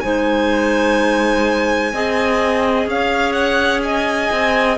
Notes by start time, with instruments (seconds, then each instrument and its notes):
0.00 cello G#3, clarinet D#4 C5, violin G#5
1.92 cello C4, clarinet G#4 D#5
2.86 cello C#4, clarinet C#5, violin F5
3.32 violin F#5
3.83 clarinet D#5, violin G#5
4.31 cello C4